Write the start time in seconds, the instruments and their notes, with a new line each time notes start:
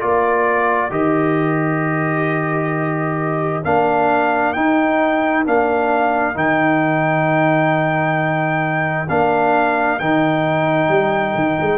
0.00 tuba A#3, trombone F4, horn A#4, trumpet D5
0.90 tuba D#3, trombone G4, trumpet D#5
3.64 tuba A#3, trombone D4, trumpet F5
4.53 trombone D#4, tuba D#4, trumpet G5
5.46 tuba A#3, trombone D4, trumpet F5
6.35 tuba D#3, trombone D#4, trumpet G5
9.09 tuba A#3, trombone D4, trumpet F5
9.99 tuba D#3, trombone D#4, trumpet G5
10.88 tuba G3
11.35 tuba D#3
11.61 tuba G#3